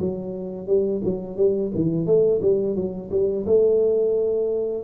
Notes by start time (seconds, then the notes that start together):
0.00 F#3
0.67 G3
1.04 F#3
1.37 G3
1.75 E3
2.06 A3
2.42 G3
2.75 F#3
3.11 G3
3.46 A3